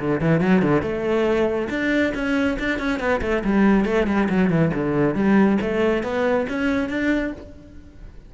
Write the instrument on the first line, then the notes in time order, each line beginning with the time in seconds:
cello
0.00 D3
0.21 E3
0.41 F#3
0.62 D3
0.82 A3
1.70 D4
2.15 C#4
2.60 D4
2.79 C#4
3.00 B3
3.22 A3
3.44 G3
3.85 A3
4.07 G3
4.29 F#3
4.50 E3
4.74 D3
5.15 G3
5.61 A3
6.03 B3
6.49 C#4
6.89 D4